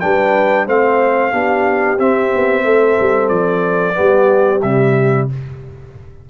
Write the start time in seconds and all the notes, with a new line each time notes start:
0.00 G3 D4 B4 G5
0.65 A3 C4 C5 F5
1.32 B3 D4 G4
1.98 C4 E5
2.35 B3
2.64 A3 A4
3.00 G3
3.29 F3 D5
3.94 G3 B3 G4
4.62 C3 G3 E5